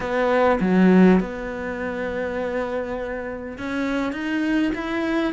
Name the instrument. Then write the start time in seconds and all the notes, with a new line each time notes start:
cello
0.00 B3
0.60 F#3
1.20 B3
3.58 C#4
4.12 D#4
4.74 E4